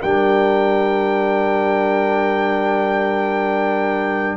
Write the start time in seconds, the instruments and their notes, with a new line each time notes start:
0.00 tuba G3, trombone D4, horn A#4, trumpet G5